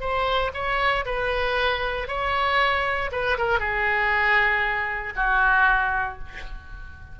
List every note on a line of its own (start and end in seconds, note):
0.00 0.51 C5
0.54 1.05 C#5
1.06 2.08 B4
2.08 3.10 C#5
3.12 3.38 B4
3.38 3.59 A#4
3.59 5.13 G#4
5.16 6.18 F#4